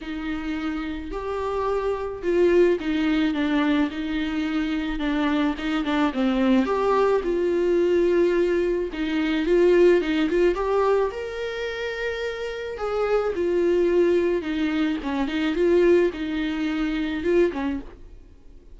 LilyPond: \new Staff \with { instrumentName = "viola" } { \time 4/4 \tempo 4 = 108 dis'2 g'2 | f'4 dis'4 d'4 dis'4~ | dis'4 d'4 dis'8 d'8 c'4 | g'4 f'2. |
dis'4 f'4 dis'8 f'8 g'4 | ais'2. gis'4 | f'2 dis'4 cis'8 dis'8 | f'4 dis'2 f'8 cis'8 | }